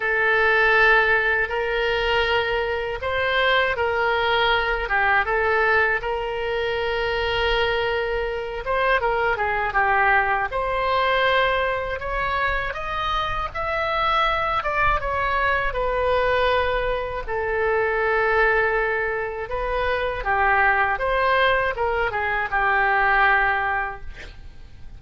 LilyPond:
\new Staff \with { instrumentName = "oboe" } { \time 4/4 \tempo 4 = 80 a'2 ais'2 | c''4 ais'4. g'8 a'4 | ais'2.~ ais'8 c''8 | ais'8 gis'8 g'4 c''2 |
cis''4 dis''4 e''4. d''8 | cis''4 b'2 a'4~ | a'2 b'4 g'4 | c''4 ais'8 gis'8 g'2 | }